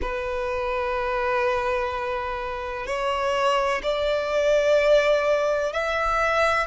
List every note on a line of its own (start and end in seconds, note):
0.01 2.86 B4
2.86 3.81 C#5
3.83 5.72 D5
5.72 6.67 E5